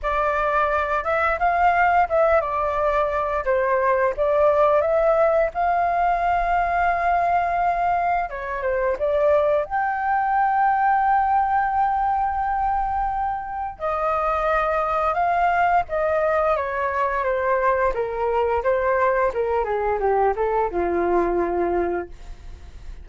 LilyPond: \new Staff \with { instrumentName = "flute" } { \time 4/4 \tempo 4 = 87 d''4. e''8 f''4 e''8 d''8~ | d''4 c''4 d''4 e''4 | f''1 | cis''8 c''8 d''4 g''2~ |
g''1 | dis''2 f''4 dis''4 | cis''4 c''4 ais'4 c''4 | ais'8 gis'8 g'8 a'8 f'2 | }